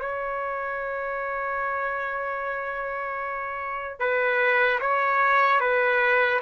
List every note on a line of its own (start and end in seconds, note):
0.00 4.00 C#5
4.00 4.80 B4
4.80 5.60 C#5
5.60 6.40 B4